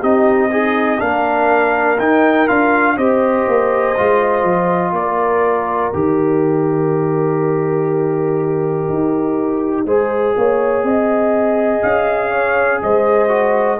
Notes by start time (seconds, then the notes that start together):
0.00 C4 D#4 G4 D#5
0.51 D#4 G#4
0.99 A#3 D4 A#4 F5
1.99 D#4 G5
2.47 D4 F4 F5
2.97 C4 G4 C5 D#5
3.47 A#3
3.97 G#3 F4
4.43 F3
4.92 A#3 A#4 D5
5.92 D#3 G4 D#5
8.89 D#4
9.85 G#3 G#4 C5
10.36 A#3 C#5
10.83 C4 D#5
11.82 C#4 F5
12.30 C#5
12.82 G#3 C5 D#5
13.28 F#4